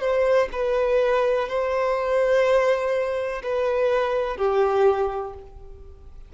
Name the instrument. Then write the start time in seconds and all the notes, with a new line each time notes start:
violin
0.00 C5
0.52 B4
1.48 C5
3.43 B4
4.37 G4